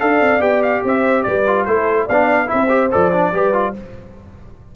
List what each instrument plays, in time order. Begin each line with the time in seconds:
0.00 tuba D4, trombone A4, horn D5, trumpet F5
0.21 tuba C4
0.40 tuba B3, trombone G4, trumpet G5
0.63 trumpet F5
0.85 tuba C4, horn C5, trumpet E5
1.23 tuba G3, horn B4, trumpet D5
1.48 trombone F4
1.65 tuba A3, trombone E4, horn A4, trumpet C5
2.06 tuba B3, horn D5, trumpet F5
2.12 trombone D4
2.47 trombone E4, horn C5, trumpet E5
2.54 tuba C4
2.70 trombone G4
2.92 tuba F3, trombone A4, trumpet D5
3.13 trombone D4
3.33 tuba G3, trombone G4, horn B4
3.53 trombone F4